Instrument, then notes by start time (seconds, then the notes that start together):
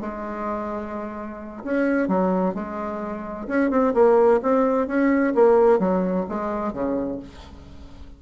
bassoon
0.00 G#3
1.64 C#4
2.08 F#3
2.54 G#3
3.47 C#4
3.70 C4
3.94 A#3
4.42 C4
4.87 C#4
5.35 A#3
5.79 F#3
6.28 G#3
6.73 C#3